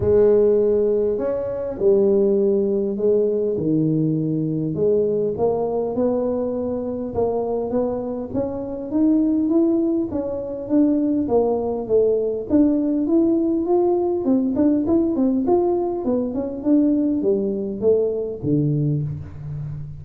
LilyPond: \new Staff \with { instrumentName = "tuba" } { \time 4/4 \tempo 4 = 101 gis2 cis'4 g4~ | g4 gis4 dis2 | gis4 ais4 b2 | ais4 b4 cis'4 dis'4 |
e'4 cis'4 d'4 ais4 | a4 d'4 e'4 f'4 | c'8 d'8 e'8 c'8 f'4 b8 cis'8 | d'4 g4 a4 d4 | }